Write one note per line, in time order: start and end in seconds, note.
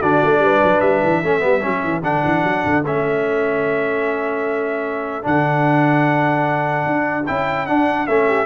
0.00 0.22 D3
0.00 1.24 D4
0.00 0.40 F#4
0.00 0.81 D5
0.24 0.40 A3
0.40 0.60 G3
0.40 1.23 B4
0.64 0.82 F#3
0.81 1.02 G3
0.81 2.02 E5
1.04 1.23 E3
1.23 1.44 A3
1.23 1.40 C#4
1.23 8.27 A4
1.40 1.64 G3
1.40 1.60 B3
1.62 1.84 F#3
1.62 2.03 C#4
1.84 2.03 E3
2.03 2.23 D3
2.03 2.84 D4
2.03 2.84 F#5
2.25 2.44 E3
2.44 2.64 F#3
2.66 2.84 D3
2.84 5.26 A3
2.84 5.23 C#4
2.84 5.26 E5
5.23 6.86 D3
5.23 7.24 D4
5.23 7.27 F#5
6.86 7.27 D4
7.27 7.69 C#4
7.27 7.68 E4
7.27 7.67 G5
7.67 8.08 D4
7.67 8.07 F#5
8.07 8.46 A3
8.07 8.46 C#4
8.07 8.46 E5
8.27 8.46 G4